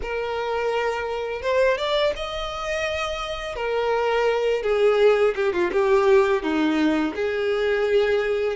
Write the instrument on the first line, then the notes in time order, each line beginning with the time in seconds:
violin
0.02 A#4
1.42 C5
1.77 D5
2.16 D#5
3.55 A#4
4.62 G#4
5.35 G4
5.53 F4
5.72 G4
6.42 D#4
7.15 G#4